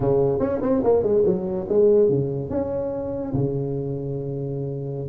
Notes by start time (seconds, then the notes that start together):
0.00 C#3
0.39 C#4
0.61 C4
0.83 A#3
1.02 G#3
1.25 F#3
1.68 G#3
2.09 C#3
2.49 C#4
3.33 C#3